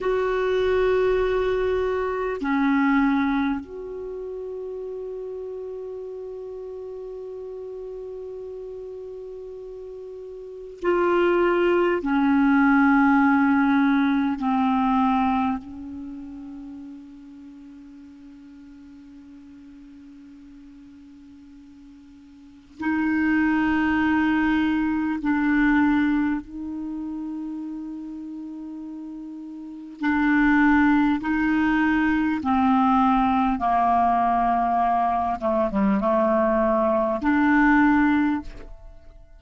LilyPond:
\new Staff \with { instrumentName = "clarinet" } { \time 4/4 \tempo 4 = 50 fis'2 cis'4 fis'4~ | fis'1~ | fis'4 f'4 cis'2 | c'4 cis'2.~ |
cis'2. dis'4~ | dis'4 d'4 dis'2~ | dis'4 d'4 dis'4 c'4 | ais4. a16 g16 a4 d'4 | }